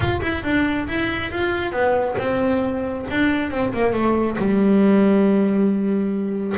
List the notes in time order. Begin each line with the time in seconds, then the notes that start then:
0.00 F4
0.21 E4
0.43 D4
0.87 E4
1.31 F4
1.71 B3
2.18 C4
3.10 D4
3.51 C4
3.73 A#3
3.93 A3
4.37 G3